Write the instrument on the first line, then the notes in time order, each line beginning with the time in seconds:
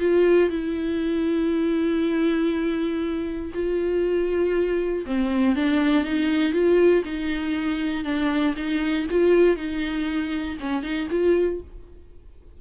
viola
0.00 F4
0.50 E4
3.54 F4
5.06 C4
5.56 D4
6.05 D#4
6.53 F4
7.05 D#4
8.05 D4
8.57 D#4
9.11 F4
9.57 D#4
10.60 C#4
10.83 D#4
11.11 F4